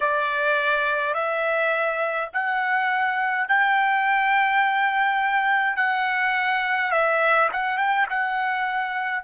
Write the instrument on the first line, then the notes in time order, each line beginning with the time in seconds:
trumpet
0.00 D5
1.13 E5
2.33 F#5
3.48 G5
5.76 F#5
6.91 E5
7.53 F#5
7.77 G5
8.09 F#5